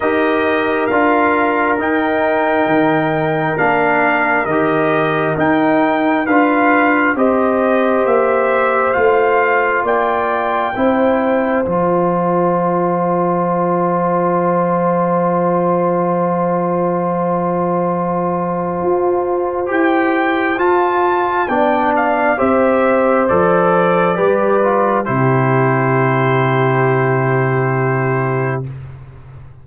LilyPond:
<<
  \new Staff \with { instrumentName = "trumpet" } { \time 4/4 \tempo 4 = 67 dis''4 f''4 g''2 | f''4 dis''4 g''4 f''4 | dis''4 e''4 f''4 g''4~ | g''4 a''2.~ |
a''1~ | a''2 g''4 a''4 | g''8 f''8 e''4 d''2 | c''1 | }
  \new Staff \with { instrumentName = "horn" } { \time 4/4 ais'1~ | ais'2. b'4 | c''2. d''4 | c''1~ |
c''1~ | c''1 | d''4 c''2 b'4 | g'1 | }
  \new Staff \with { instrumentName = "trombone" } { \time 4/4 g'4 f'4 dis'2 | d'4 g'4 dis'4 f'4 | g'2 f'2 | e'4 f'2.~ |
f'1~ | f'2 g'4 f'4 | d'4 g'4 a'4 g'8 f'8 | e'1 | }
  \new Staff \with { instrumentName = "tuba" } { \time 4/4 dis'4 d'4 dis'4 dis4 | ais4 dis4 dis'4 d'4 | c'4 ais4 a4 ais4 | c'4 f2.~ |
f1~ | f4 f'4 e'4 f'4 | b4 c'4 f4 g4 | c1 | }
>>